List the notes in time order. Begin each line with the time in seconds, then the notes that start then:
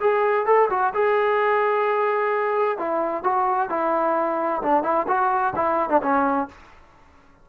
0.00 G#4
0.46 A4
0.70 F#4
0.94 G#4
2.78 E4
3.23 F#4
3.69 E4
4.62 D4
4.83 E4
5.07 F#4
5.56 E4
5.89 D4
6.02 C#4